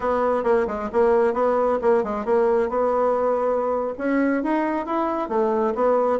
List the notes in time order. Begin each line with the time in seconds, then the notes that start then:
0.00 B3
0.43 A#3
0.67 G#3
0.92 A#3
1.33 B3
1.81 A#3
2.03 G#3
2.25 A#3
2.69 B3
3.98 C#4
4.43 D#4
4.85 E4
5.28 A3
5.74 B3